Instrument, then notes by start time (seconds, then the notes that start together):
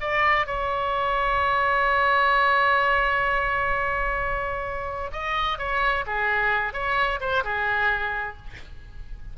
oboe
0.00 D5
0.46 C#5
5.12 D#5
5.58 C#5
6.06 G#4
6.73 C#5
7.20 C5
7.44 G#4